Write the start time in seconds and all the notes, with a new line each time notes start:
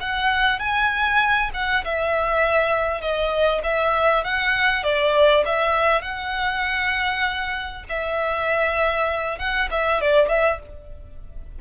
0.00 F#5
0.59 G#5
1.54 F#5
1.84 E5
3.01 D#5
3.63 E5
4.24 F#5
4.83 D5
5.45 E5
6.02 F#5
7.89 E5
9.38 F#5
9.71 E5
10.01 D5
10.28 E5